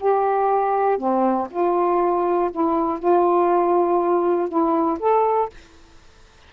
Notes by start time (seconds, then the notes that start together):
0.00 G4
0.98 C4
1.51 F4
2.52 E4
2.99 F4
4.49 E4
5.00 A4